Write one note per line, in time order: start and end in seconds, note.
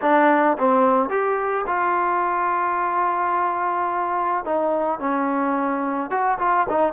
0.02 0.57 D4
0.57 1.09 C4
1.09 1.65 G4
1.66 4.44 F4
4.44 4.99 D#4
4.99 6.10 C#4
6.10 6.38 F#4
6.39 6.66 F4
6.69 6.93 D#4